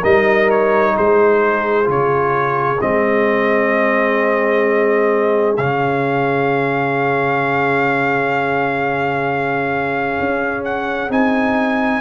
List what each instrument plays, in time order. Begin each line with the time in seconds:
0.00 tuba G3, trombone D#4, horn A#4, trumpet D#5
0.50 trumpet C#5
0.96 tuba G#3, horn G#4, trumpet C5
1.84 tuba C#3, trombone F4
1.90 trumpet C#5
2.80 tuba G#3, trombone C4, trumpet D#5
5.57 tuba C#3, trombone C#4, trumpet F5
10.20 tuba C#4
10.65 trumpet F#5
11.10 tuba C4, trombone D#4, trumpet G#5